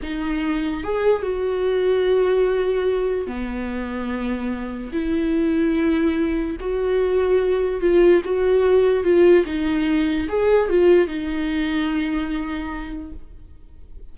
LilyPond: \new Staff \with { instrumentName = "viola" } { \time 4/4 \tempo 4 = 146 dis'2 gis'4 fis'4~ | fis'1 | b1 | e'1 |
fis'2. f'4 | fis'2 f'4 dis'4~ | dis'4 gis'4 f'4 dis'4~ | dis'1 | }